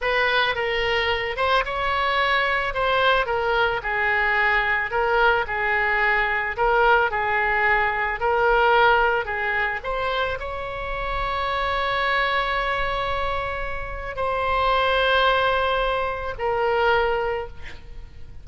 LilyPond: \new Staff \with { instrumentName = "oboe" } { \time 4/4 \tempo 4 = 110 b'4 ais'4. c''8 cis''4~ | cis''4 c''4 ais'4 gis'4~ | gis'4 ais'4 gis'2 | ais'4 gis'2 ais'4~ |
ais'4 gis'4 c''4 cis''4~ | cis''1~ | cis''2 c''2~ | c''2 ais'2 | }